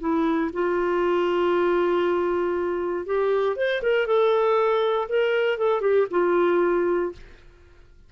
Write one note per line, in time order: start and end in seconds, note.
0.00 0.51 E4
0.53 3.06 F4
3.06 3.57 G4
3.57 3.82 C5
3.83 4.07 A#4
4.07 5.08 A4
5.09 5.58 A#4
5.58 5.81 A4
5.81 6.07 G4
6.11 7.13 F4